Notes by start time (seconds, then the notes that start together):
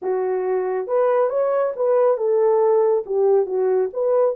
0.02 F#4
0.87 B4
1.29 C#5
1.75 B4
2.17 A4
3.06 G4
3.46 F#4
3.93 B4